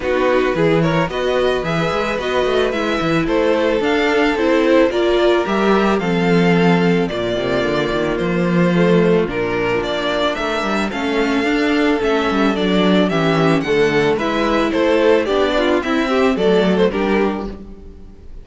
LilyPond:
<<
  \new Staff \with { instrumentName = "violin" } { \time 4/4 \tempo 4 = 110 b'4. cis''8 dis''4 e''4 | dis''4 e''4 c''4 f''4 | c''4 d''4 e''4 f''4~ | f''4 d''2 c''4~ |
c''4 ais'4 d''4 e''4 | f''2 e''4 d''4 | e''4 fis''4 e''4 c''4 | d''4 e''4 d''8. c''16 ais'4 | }
  \new Staff \with { instrumentName = "violin" } { \time 4/4 fis'4 gis'8 ais'8 b'2~ | b'2 a'2~ | a'4 ais'2 a'4~ | a'4 f'2.~ |
f'2. ais'4 | a'1 | g'4 a'4 b'4 a'4 | g'8 f'8 e'8 g'8 a'4 g'4 | }
  \new Staff \with { instrumentName = "viola" } { \time 4/4 dis'4 e'4 fis'4 gis'4 | fis'4 e'2 d'4 | e'4 f'4 g'4 c'4~ | c'4 ais2. |
a4 d'2. | cis'4 d'4 cis'4 d'4 | cis'4 a4 e'2 | d'4 c'4 a4 d'4 | }
  \new Staff \with { instrumentName = "cello" } { \time 4/4 b4 e4 b4 e8 gis8 | b8 a8 gis8 e8 a4 d'4 | c'4 ais4 g4 f4~ | f4 ais,8 c8 d8 dis8 f4~ |
f4 ais,4 ais4 a8 g8 | a4 d'4 a8 g8 fis4 | e4 d4 gis4 a4 | b4 c'4 fis4 g4 | }
>>